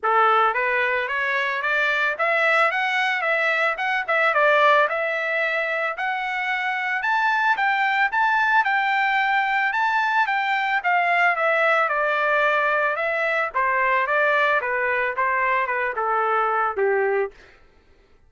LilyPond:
\new Staff \with { instrumentName = "trumpet" } { \time 4/4 \tempo 4 = 111 a'4 b'4 cis''4 d''4 | e''4 fis''4 e''4 fis''8 e''8 | d''4 e''2 fis''4~ | fis''4 a''4 g''4 a''4 |
g''2 a''4 g''4 | f''4 e''4 d''2 | e''4 c''4 d''4 b'4 | c''4 b'8 a'4. g'4 | }